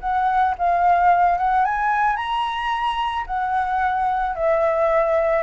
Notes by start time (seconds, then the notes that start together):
0.00 F#5
0.58 F5
1.38 F#5
1.65 G#5
2.16 A#5
3.26 F#5
4.35 E5